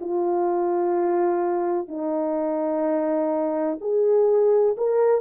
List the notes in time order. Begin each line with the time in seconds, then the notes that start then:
0.00 F4
1.88 D#4
3.81 G#4
4.77 A#4